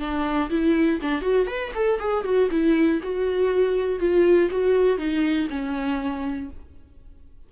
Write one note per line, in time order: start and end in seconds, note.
0.00 0.50 D4
0.50 1.00 E4
1.02 1.22 D4
1.22 1.47 F#4
1.47 1.72 B4
1.75 2.00 A4
2.00 2.25 G#4
2.25 2.50 F#4
2.51 3.01 E4
3.03 4.00 F#4
4.00 4.50 F4
4.51 4.98 F#4
4.98 5.48 D#4
5.50 6.50 C#4